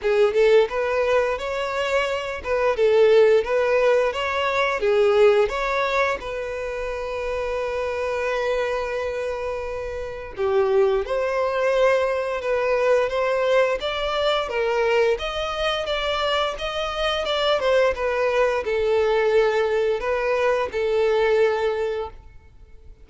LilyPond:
\new Staff \with { instrumentName = "violin" } { \time 4/4 \tempo 4 = 87 gis'8 a'8 b'4 cis''4. b'8 | a'4 b'4 cis''4 gis'4 | cis''4 b'2.~ | b'2. g'4 |
c''2 b'4 c''4 | d''4 ais'4 dis''4 d''4 | dis''4 d''8 c''8 b'4 a'4~ | a'4 b'4 a'2 | }